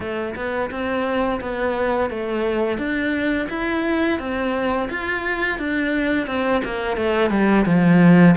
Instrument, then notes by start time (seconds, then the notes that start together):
cello
0.00 A3
0.35 B3
0.70 C4
1.40 B3
2.10 A3
2.77 D4
3.49 E4
4.19 C4
4.89 F4
5.58 D4
6.27 C4
6.64 A#3
6.96 A3
7.30 G3
7.65 F3